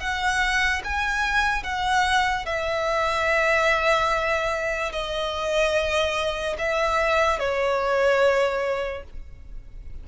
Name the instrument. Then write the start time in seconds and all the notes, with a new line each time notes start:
violin
0.00 F#5
0.84 G#5
1.63 F#5
2.45 E5
4.92 D#5
6.58 E5
7.39 C#5